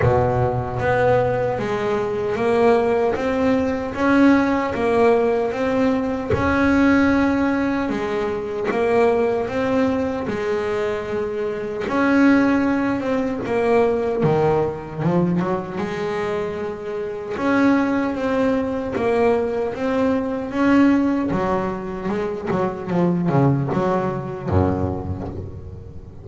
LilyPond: \new Staff \with { instrumentName = "double bass" } { \time 4/4 \tempo 4 = 76 b,4 b4 gis4 ais4 | c'4 cis'4 ais4 c'4 | cis'2 gis4 ais4 | c'4 gis2 cis'4~ |
cis'8 c'8 ais4 dis4 f8 fis8 | gis2 cis'4 c'4 | ais4 c'4 cis'4 fis4 | gis8 fis8 f8 cis8 fis4 fis,4 | }